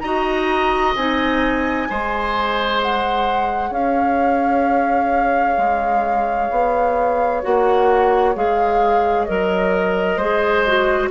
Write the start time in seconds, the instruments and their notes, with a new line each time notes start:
0.00 bassoon D#4, clarinet F#4, oboe D#5, flute A#5
0.95 bassoon C4, clarinet D#4, flute G#5
1.89 bassoon G#3, clarinet G#4, oboe C5
2.82 flute F#5
3.70 bassoon C#4, oboe C#5, flute F5
5.57 bassoon G#3
6.50 bassoon B3
7.42 bassoon A#3, clarinet F#4, flute F#5
8.35 bassoon G#3, clarinet G#4, flute F5
9.25 bassoon F#3, clarinet A#4, flute D#5
10.16 bassoon G#3, clarinet G#4, oboe C5
10.67 clarinet F#4